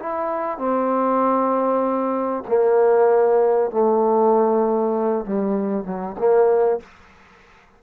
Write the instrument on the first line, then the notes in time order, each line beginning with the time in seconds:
trombone
0.00 E4
0.58 C4
2.48 A#3
3.71 A3
5.25 G3
5.85 F#3
6.19 A#3